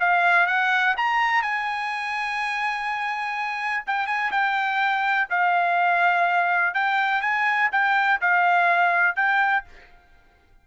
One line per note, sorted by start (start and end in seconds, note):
0.00 0.47 F5
0.47 0.95 F#5
0.97 1.43 A#5
1.43 3.84 G#5
3.87 4.07 G5
4.07 4.31 G#5
4.32 5.29 G5
5.30 6.75 F5
6.75 7.22 G5
7.22 7.70 G#5
7.72 8.21 G5
8.21 9.16 F5
9.16 9.64 G5